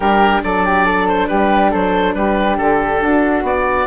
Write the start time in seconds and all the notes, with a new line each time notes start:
0.00 G3 D4 G4 A#4
0.43 F#3 A4 D5
0.65 G4
0.84 A4
1.08 C5
1.27 G3 G4 B4
1.71 F#3 A4 C5
2.14 G3 G4 B4
2.57 D3 A4
3.01 D4 F#4
3.42 B3 D5